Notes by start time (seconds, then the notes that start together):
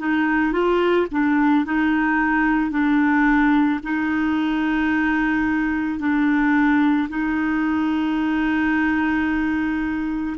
0.00 D#4
0.53 F4
1.12 D4
1.66 D#4
2.71 D4
3.84 D#4
6.00 D4
7.10 D#4